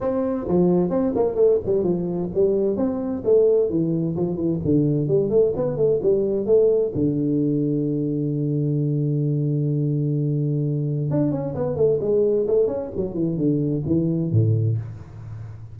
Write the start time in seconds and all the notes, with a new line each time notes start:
0.01 C4
0.48 F3
0.90 C4
1.15 A#3
1.35 A3
1.65 G3
1.83 F3
2.34 G3
2.76 C4
3.24 A3
3.69 E3
4.16 F3
4.36 E3
4.64 D3
5.08 G3
5.30 A3
5.56 B3
5.76 A3
6.02 G3
6.46 A3
6.94 D3
11.10 D4
11.31 C#4
11.54 B3
11.76 A3
12.00 G#3
12.47 A3
12.67 C#4
12.96 F#3
13.14 E3
13.37 D3
13.86 E3
14.31 A2